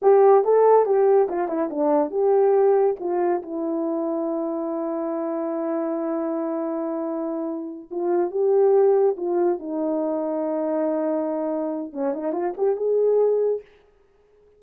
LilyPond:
\new Staff \with { instrumentName = "horn" } { \time 4/4 \tempo 4 = 141 g'4 a'4 g'4 f'8 e'8 | d'4 g'2 f'4 | e'1~ | e'1~ |
e'2~ e'8 f'4 g'8~ | g'4. f'4 dis'4.~ | dis'1 | cis'8 dis'8 f'8 g'8 gis'2 | }